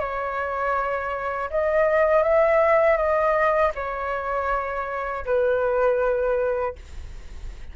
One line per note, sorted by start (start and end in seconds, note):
0.00 1.50 C#5
1.51 2.23 D#5
2.23 2.97 E5
2.97 3.72 D#5
3.75 5.25 C#5
5.26 6.76 B4